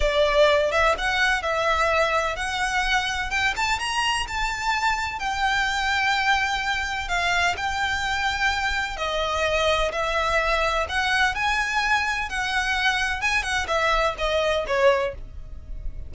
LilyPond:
\new Staff \with { instrumentName = "violin" } { \time 4/4 \tempo 4 = 127 d''4. e''8 fis''4 e''4~ | e''4 fis''2 g''8 a''8 | ais''4 a''2 g''4~ | g''2. f''4 |
g''2. dis''4~ | dis''4 e''2 fis''4 | gis''2 fis''2 | gis''8 fis''8 e''4 dis''4 cis''4 | }